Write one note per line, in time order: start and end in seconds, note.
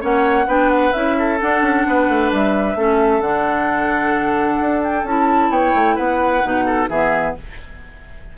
0.00 0.46 A#3
0.00 0.46 C#4
0.00 0.46 C#5
0.00 0.49 F#5
0.46 0.92 B3
0.46 0.93 D4
0.46 1.16 B4
0.46 0.70 G5
0.70 0.92 F#5
0.92 1.40 C#4
0.92 1.39 E4
0.92 1.38 E5
1.18 1.87 A4
1.40 2.77 D4
1.40 1.61 D4
1.40 2.32 F#5
1.61 1.84 C#4
1.87 2.08 B3
1.87 2.77 B4
2.08 2.31 A3
2.32 2.75 G3
2.32 3.21 E5
2.75 3.20 A3
2.75 3.22 C#4
2.75 5.51 A4
3.20 4.58 D3
3.20 5.05 D4
3.20 4.81 F#5
4.60 5.03 D4
4.83 5.06 G5
5.03 5.49 C#4
5.03 6.43 E4
5.03 5.51 A5
5.49 5.72 B3
5.49 5.95 C#5
5.49 5.96 G5
5.74 5.97 A3
5.95 6.43 B3
5.95 6.64 B4
5.95 6.88 F#5
6.43 6.89 B2
6.43 6.88 D#4
6.66 6.88 A4
6.89 7.34 E3
6.89 7.37 B3
6.89 7.35 G#4
6.89 7.35 E5